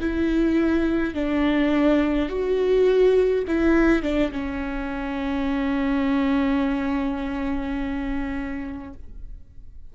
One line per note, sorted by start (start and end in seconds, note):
0.00 1.14 E4
1.14 2.29 D4
2.29 3.45 F#4
3.47 4.03 E4
4.03 4.32 D4
4.32 8.93 C#4